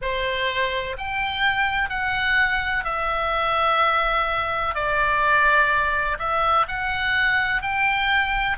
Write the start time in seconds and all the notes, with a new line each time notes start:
0.01 C5
0.97 G5
1.89 F#5
2.84 E5
4.74 D5
6.19 E5
6.68 F#5
7.62 G5